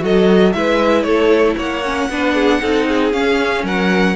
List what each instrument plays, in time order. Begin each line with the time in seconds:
0.00 cello F#3, viola F#4, violin A4 D#5
0.53 cello G#3, viola E4, violin B4 E5
1.03 cello A3, violin A4 C#5
1.57 cello A#3, violin C#5 F#5
1.85 viola C#4
2.10 cello B3, viola D4, violin B4
2.35 violin G#4
2.62 cello C4, viola D#4, violin A4
2.89 violin G#4
3.12 viola C#4, cello C#4, violin F5
3.64 cello F#3, violin A#4 F#5